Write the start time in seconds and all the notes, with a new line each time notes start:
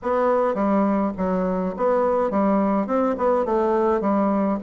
0.02 B3
0.54 G3
1.17 F#3
1.76 B3
2.30 G3
2.87 C4
3.17 B3
3.45 A3
4.00 G3